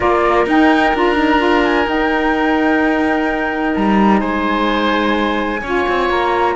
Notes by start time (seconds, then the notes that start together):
0.00 A#3 F4 A#4 D5
0.46 D#4 G5
0.94 D4 F4 A#5
1.14 D#4
1.38 F4
1.65 G#5
1.84 D#4 G5
3.75 G3 A#5
4.20 G#3 C5 G#5
5.61 C#4 F4 C#5
5.88 C4
6.09 A#3 A#5